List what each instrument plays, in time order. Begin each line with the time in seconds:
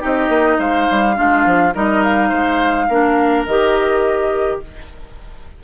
0.00 bassoon C4, clarinet D#4, oboe G4, flute D#5
0.29 bassoon A#3
0.59 bassoon G#3, oboe C5, flute F5
0.91 bassoon G3
1.16 bassoon G#3, clarinet D4, oboe F4
1.46 bassoon F3
1.74 bassoon G3, clarinet D#4, oboe A#4, flute D#5
2.03 flute F5
2.29 bassoon G#3, oboe C5
2.89 bassoon A#3, clarinet D4, oboe A#4
3.46 bassoon D#3, clarinet G4, flute D#5